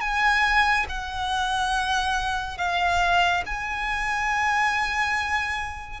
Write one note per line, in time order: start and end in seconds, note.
0.00 0.86 G#5
0.88 2.58 F#5
2.58 3.43 F5
3.46 6.00 G#5